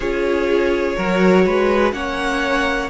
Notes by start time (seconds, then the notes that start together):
0.00 C#4 F4 G#4 C#5
0.96 F#3 F#4 A#4
1.45 G#3 B4
1.92 A#3 C#4 C#5 F#5